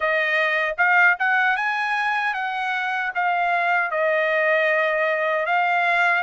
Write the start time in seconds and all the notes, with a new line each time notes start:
0.00 D#5
0.77 F5
1.19 F#5
1.56 G#5
2.34 F#5
3.14 F5
3.90 D#5
5.45 F5